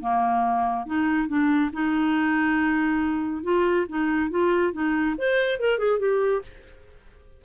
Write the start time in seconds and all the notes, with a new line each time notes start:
0.00 A#3
0.86 D#4
1.28 D4
1.72 D#4
3.43 F4
3.88 D#4
4.30 F4
4.73 D#4
5.17 C5
5.59 A#4
5.78 G#4
5.99 G4